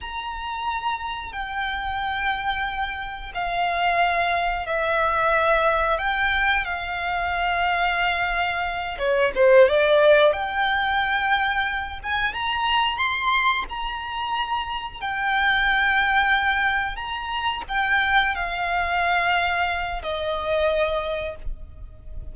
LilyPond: \new Staff \with { instrumentName = "violin" } { \time 4/4 \tempo 4 = 90 ais''2 g''2~ | g''4 f''2 e''4~ | e''4 g''4 f''2~ | f''4. cis''8 c''8 d''4 g''8~ |
g''2 gis''8 ais''4 c'''8~ | c'''8 ais''2 g''4.~ | g''4. ais''4 g''4 f''8~ | f''2 dis''2 | }